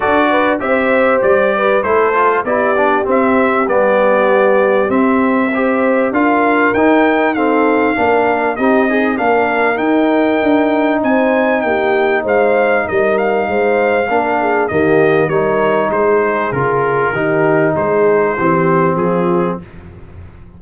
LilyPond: <<
  \new Staff \with { instrumentName = "trumpet" } { \time 4/4 \tempo 4 = 98 d''4 e''4 d''4 c''4 | d''4 e''4 d''2 | e''2 f''4 g''4 | f''2 dis''4 f''4 |
g''2 gis''4 g''4 | f''4 dis''8 f''2~ f''8 | dis''4 cis''4 c''4 ais'4~ | ais'4 c''2 gis'4 | }
  \new Staff \with { instrumentName = "horn" } { \time 4/4 a'8 b'8 c''4. b'8 a'4 | g'1~ | g'4 c''4 ais'2 | a'4 ais'4 g'8 dis'8 ais'4~ |
ais'2 c''4 g'4 | c''4 ais'4 c''4 ais'8 gis'8 | g'4 ais'4 gis'2 | g'4 gis'4 g'4 f'4 | }
  \new Staff \with { instrumentName = "trombone" } { \time 4/4 fis'4 g'2 e'8 f'8 | e'8 d'8 c'4 b2 | c'4 g'4 f'4 dis'4 | c'4 d'4 dis'8 gis'8 d'4 |
dis'1~ | dis'2. d'4 | ais4 dis'2 f'4 | dis'2 c'2 | }
  \new Staff \with { instrumentName = "tuba" } { \time 4/4 d'4 c'4 g4 a4 | b4 c'4 g2 | c'2 d'4 dis'4~ | dis'4 ais4 c'4 ais4 |
dis'4 d'4 c'4 ais4 | gis4 g4 gis4 ais4 | dis4 g4 gis4 cis4 | dis4 gis4 e4 f4 | }
>>